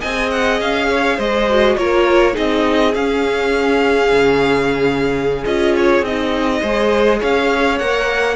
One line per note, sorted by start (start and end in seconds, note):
0.00 0.61 C4
0.00 1.50 G#4
0.00 0.88 D#5
0.00 0.30 G#5
0.31 0.60 F#5
0.61 1.18 C#4
0.61 1.20 F5
0.89 1.17 C#5
1.17 1.77 G#3
1.17 1.76 C5
1.17 1.77 D#5
1.50 1.79 F#4
1.77 2.36 A#3
1.77 2.33 F4
1.77 2.33 A#4
1.77 2.36 C#5
2.33 2.95 C4
2.33 2.92 D#4
2.33 6.60 G#4
2.33 2.94 D#5
2.94 5.45 C#4
2.94 4.12 C#4
2.94 5.44 F5
4.12 5.44 C#3
5.45 6.02 C#4
5.45 6.05 F4
5.45 5.75 D#5
5.77 6.05 C#5
6.02 6.61 C4
6.02 6.63 D#4
6.02 7.22 D#5
6.61 7.22 G#3
6.61 7.80 G#4
6.61 7.19 C5
7.20 7.81 C#4
7.20 8.36 C#5
7.20 7.78 F5
7.78 8.36 A#3
7.78 8.36 A#4
7.78 8.36 F#5